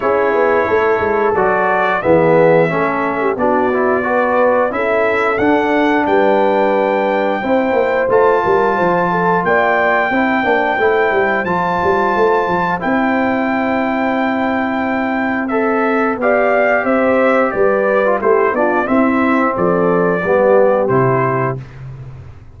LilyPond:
<<
  \new Staff \with { instrumentName = "trumpet" } { \time 4/4 \tempo 4 = 89 cis''2 d''4 e''4~ | e''4 d''2 e''4 | fis''4 g''2. | a''2 g''2~ |
g''4 a''2 g''4~ | g''2. e''4 | f''4 e''4 d''4 c''8 d''8 | e''4 d''2 c''4 | }
  \new Staff \with { instrumentName = "horn" } { \time 4/4 gis'4 a'2 gis'4 | a'8. g'16 fis'4 b'4 a'4~ | a'4 b'2 c''4~ | c''8 ais'8 c''8 a'8 d''4 c''4~ |
c''1~ | c''1 | d''4 c''4 b'4 g'8 f'8 | e'4 a'4 g'2 | }
  \new Staff \with { instrumentName = "trombone" } { \time 4/4 e'2 fis'4 b4 | cis'4 d'8 e'8 fis'4 e'4 | d'2. e'4 | f'2. e'8 d'8 |
e'4 f'2 e'4~ | e'2. a'4 | g'2~ g'8. f'16 e'8 d'8 | c'2 b4 e'4 | }
  \new Staff \with { instrumentName = "tuba" } { \time 4/4 cis'8 b8 a8 gis8 fis4 e4 | a4 b2 cis'4 | d'4 g2 c'8 ais8 | a8 g8 f4 ais4 c'8 ais8 |
a8 g8 f8 g8 a8 f8 c'4~ | c'1 | b4 c'4 g4 a8 b8 | c'4 f4 g4 c4 | }
>>